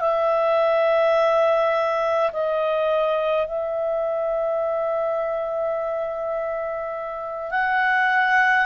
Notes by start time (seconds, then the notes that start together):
0.00 E5
2.32 D#5
3.47 E5
7.51 F#5